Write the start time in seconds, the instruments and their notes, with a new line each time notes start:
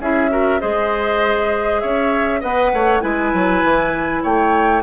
0.00 bassoon C#4, clarinet E4, oboe G#4, flute E5
0.30 clarinet F#4, oboe A#4
0.60 bassoon G#3, clarinet G#4, oboe C5, flute D#5
1.80 bassoon C#4, oboe C#5, flute E5
2.40 bassoon B3, clarinet B4, oboe D#5, flute F#5
2.73 bassoon A3, oboe C#5
3.01 bassoon G#3, clarinet E4, oboe B4, flute G#5
3.33 bassoon F#3
3.63 bassoon E3
4.23 bassoon A3, oboe C#5, flute G5